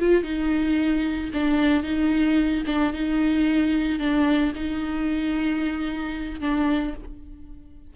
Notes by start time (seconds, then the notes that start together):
0.00 F4
0.23 D#4
1.34 D4
1.83 D#4
2.66 D4
2.93 D#4
3.99 D4
4.55 D#4
6.41 D4